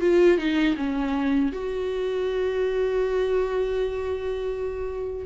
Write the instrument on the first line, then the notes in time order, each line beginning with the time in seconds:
viola
0.00 F4
0.38 D#4
0.77 C#4
1.52 F#4